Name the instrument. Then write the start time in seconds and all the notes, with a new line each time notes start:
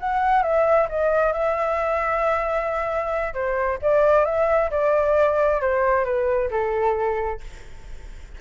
flute
0.00 F#5
0.42 E5
0.89 D#5
1.33 E5
3.34 C5
3.82 D5
4.25 E5
4.71 D5
5.61 C5
6.05 B4
6.51 A4